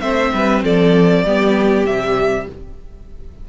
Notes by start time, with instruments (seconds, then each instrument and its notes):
0.00 cello A3, viola C4, violin C5 E5
0.33 cello G3, violin B4
0.63 cello F3, violin A4 D5
1.24 cello G3, viola B3, violin G4
1.84 cello C3, viola G3, violin E5